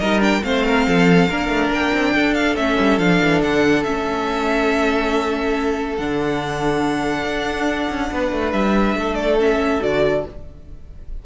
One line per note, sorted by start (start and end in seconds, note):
0.00 0.44 G3
0.00 0.20 D#4
0.00 0.43 A#4
0.00 0.21 D#5
0.20 0.41 D4
0.20 0.44 G5
0.44 0.87 A3
0.44 1.30 C4
0.44 0.66 C5
0.44 1.71 F5
0.66 0.87 A#4
0.88 1.30 F3
0.88 1.29 A4
1.29 1.49 A#3
1.29 2.58 D4
1.29 2.14 A#4
1.49 1.70 A3
1.71 1.92 A#3
1.71 2.35 G5
1.94 2.15 C4
2.15 2.56 D4
2.15 8.10 A4
2.35 2.56 F5
2.56 2.77 A3
2.56 3.00 C#4
2.56 2.99 E5
2.80 2.99 G3
2.99 3.20 F3
2.99 3.85 D4
2.99 3.42 F5
3.23 3.43 E3
3.43 3.86 D3
3.43 3.84 F#5
3.84 5.99 A3
3.84 5.99 C#4
3.84 5.97 E5
5.98 7.24 D3
5.98 9.40 D4
5.98 8.53 F#5
7.24 7.88 D4
7.90 8.11 C#4
8.12 8.32 B3
8.12 8.98 B4
8.32 8.53 A3
8.53 8.95 G3
8.53 9.15 E5
8.95 9.80 A3
8.95 10.26 A4
9.15 9.37 D5
9.40 9.81 C#4
9.40 9.83 E5
9.81 10.26 D3
9.81 10.24 F#4
9.81 10.26 D5